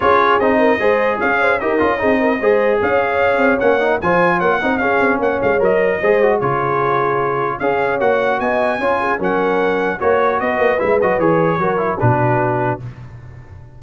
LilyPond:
<<
  \new Staff \with { instrumentName = "trumpet" } { \time 4/4 \tempo 4 = 150 cis''4 dis''2 f''4 | dis''2. f''4~ | f''4 fis''4 gis''4 fis''4 | f''4 fis''8 f''8 dis''2 |
cis''2. f''4 | fis''4 gis''2 fis''4~ | fis''4 cis''4 dis''4 e''8 dis''8 | cis''2 b'2 | }
  \new Staff \with { instrumentName = "horn" } { \time 4/4 gis'4. ais'8 c''4 cis''8 c''8 | ais'4 gis'8 ais'8 c''4 cis''4~ | cis''2 c''4 cis''8 dis''8 | gis'4 cis''2 c''4 |
gis'2. cis''4~ | cis''4 dis''4 cis''8 gis'8 ais'4~ | ais'4 cis''4 b'2~ | b'4 ais'4 fis'2 | }
  \new Staff \with { instrumentName = "trombone" } { \time 4/4 f'4 dis'4 gis'2 | g'8 f'8 dis'4 gis'2~ | gis'4 cis'8 dis'8 f'4. dis'8 | cis'2 ais'4 gis'8 fis'8 |
f'2. gis'4 | fis'2 f'4 cis'4~ | cis'4 fis'2 e'8 fis'8 | gis'4 fis'8 e'8 d'2 | }
  \new Staff \with { instrumentName = "tuba" } { \time 4/4 cis'4 c'4 gis4 cis'4 | dis'8 cis'8 c'4 gis4 cis'4~ | cis'8 c'8 ais4 f4 ais8 c'8 | cis'8 c'8 ais8 gis8 fis4 gis4 |
cis2. cis'4 | ais4 b4 cis'4 fis4~ | fis4 ais4 b8 ais8 gis8 fis8 | e4 fis4 b,2 | }
>>